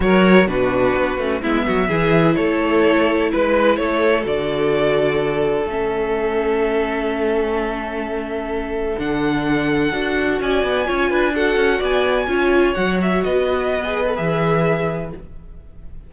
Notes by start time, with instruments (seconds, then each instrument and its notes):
0.00 cello F#3, viola F#4, violin A#4 C#5
0.46 cello B2, viola D4, violin F#4 B4
0.95 cello B3
1.17 cello A3, viola C#4
1.42 cello G#3, viola B3, violin E4 E5
1.66 cello F#3, violin F#4
1.87 cello E3, viola E4, violin G#4
2.35 cello A3, violin A4 C#5
3.31 cello G#3, violin B4
3.76 cello A3, violin A4 C#5
4.21 cello D3, viola F#4, violin D5
5.65 cello A3, viola C#4, violin E5
8.98 cello D3, viola D4, violin F#5
9.92 cello D4, viola F#4
10.40 cello C#4, violin D5 G#5
10.63 cello B3
10.85 cello C#4, viola F4, violin C#5
11.09 cello D4, violin B4
11.34 viola F#4, violin A4 F#5
11.56 cello C#4
11.79 cello B3, violin D5 G#5
12.27 cello C#4, viola F4, violin C#5
12.74 cello F#3, viola F#4, violin F#5
13.02 violin E5
13.23 cello B3, violin B4 D#5
13.83 viola G#4
14.06 viola A4
14.15 cello E3, viola G#4, violin E5